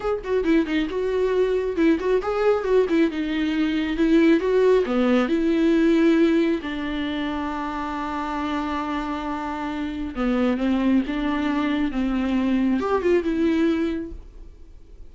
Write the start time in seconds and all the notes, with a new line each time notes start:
0.00 G#4
0.23 F#4
0.44 E4
0.66 D#4
0.89 F#4
1.76 E4
1.99 F#4
2.22 G#4
2.64 F#4
2.89 E4
3.10 D#4
3.97 E4
4.40 F#4
4.85 B3
5.28 E4
6.62 D4
10.15 B3
10.57 C4
11.07 D4
11.91 C4
12.80 G4
13.02 F4
13.23 E4